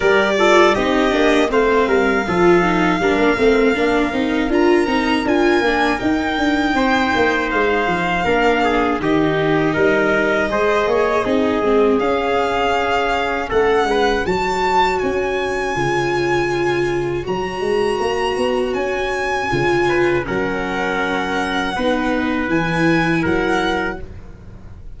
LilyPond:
<<
  \new Staff \with { instrumentName = "violin" } { \time 4/4 \tempo 4 = 80 d''4 dis''4 f''2~ | f''2 ais''4 gis''4 | g''2 f''2 | dis''1 |
f''2 fis''4 a''4 | gis''2. ais''4~ | ais''4 gis''2 fis''4~ | fis''2 gis''4 fis''4 | }
  \new Staff \with { instrumentName = "trumpet" } { \time 4/4 ais'8 a'8 g'4 c''8 ais'8 a'4 | ais'1~ | ais'4 c''2 ais'8 gis'8 | g'4 ais'4 c''8 cis''8 gis'4~ |
gis'2 a'8 b'8 cis''4~ | cis''1~ | cis''2~ cis''8 b'8 ais'4~ | ais'4 b'2 ais'4 | }
  \new Staff \with { instrumentName = "viola" } { \time 4/4 g'8 f'8 dis'8 d'8 c'4 f'8 dis'8 | d'8 c'8 d'8 dis'8 f'8 dis'8 f'8 d'8 | dis'2. d'4 | dis'2 gis'4 dis'8 c'8 |
cis'2. fis'4~ | fis'4 f'2 fis'4~ | fis'2 f'4 cis'4~ | cis'4 dis'4 e'2 | }
  \new Staff \with { instrumentName = "tuba" } { \time 4/4 g4 c'8 ais8 a8 g8 f4 | g16 ais16 a8 ais8 c'8 d'8 c'8 d'8 ais8 | dis'8 d'8 c'8 ais8 gis8 f8 ais4 | dis4 g4 gis8 ais8 c'8 gis8 |
cis'2 a8 gis8 fis4 | cis'4 cis2 fis8 gis8 | ais8 b8 cis'4 cis4 fis4~ | fis4 b4 e4 fis4 | }
>>